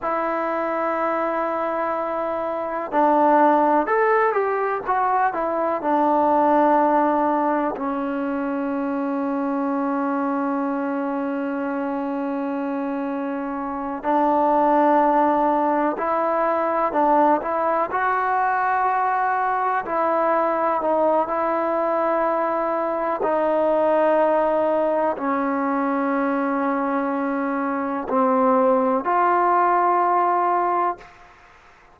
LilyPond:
\new Staff \with { instrumentName = "trombone" } { \time 4/4 \tempo 4 = 62 e'2. d'4 | a'8 g'8 fis'8 e'8 d'2 | cis'1~ | cis'2~ cis'8 d'4.~ |
d'8 e'4 d'8 e'8 fis'4.~ | fis'8 e'4 dis'8 e'2 | dis'2 cis'2~ | cis'4 c'4 f'2 | }